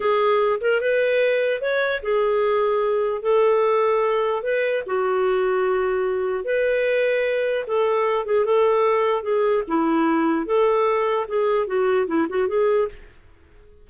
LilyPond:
\new Staff \with { instrumentName = "clarinet" } { \time 4/4 \tempo 4 = 149 gis'4. ais'8 b'2 | cis''4 gis'2. | a'2. b'4 | fis'1 |
b'2. a'4~ | a'8 gis'8 a'2 gis'4 | e'2 a'2 | gis'4 fis'4 e'8 fis'8 gis'4 | }